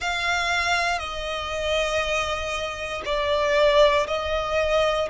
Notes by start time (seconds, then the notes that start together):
0.00 F5
0.98 D#5
3.05 D5
4.07 D#5